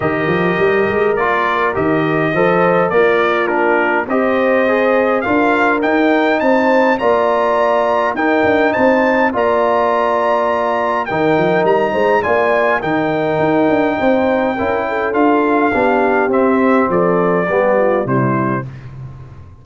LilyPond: <<
  \new Staff \with { instrumentName = "trumpet" } { \time 4/4 \tempo 4 = 103 dis''2 d''4 dis''4~ | dis''4 d''4 ais'4 dis''4~ | dis''4 f''4 g''4 a''4 | ais''2 g''4 a''4 |
ais''2. g''4 | ais''4 gis''4 g''2~ | g''2 f''2 | e''4 d''2 c''4 | }
  \new Staff \with { instrumentName = "horn" } { \time 4/4 ais'1 | c''4 f'2 c''4~ | c''4 ais'2 c''4 | d''2 ais'4 c''4 |
d''2. ais'4~ | ais'8 c''8 d''4 ais'2 | c''4 ais'8 a'4. g'4~ | g'4 a'4 g'8 f'8 e'4 | }
  \new Staff \with { instrumentName = "trombone" } { \time 4/4 g'2 f'4 g'4 | a'4 ais'4 d'4 g'4 | gis'4 f'4 dis'2 | f'2 dis'2 |
f'2. dis'4~ | dis'4 f'4 dis'2~ | dis'4 e'4 f'4 d'4 | c'2 b4 g4 | }
  \new Staff \with { instrumentName = "tuba" } { \time 4/4 dis8 f8 g8 gis8 ais4 dis4 | f4 ais2 c'4~ | c'4 d'4 dis'4 c'4 | ais2 dis'8 d'8 c'4 |
ais2. dis8 f8 | g8 gis8 ais4 dis4 dis'8 d'8 | c'4 cis'4 d'4 b4 | c'4 f4 g4 c4 | }
>>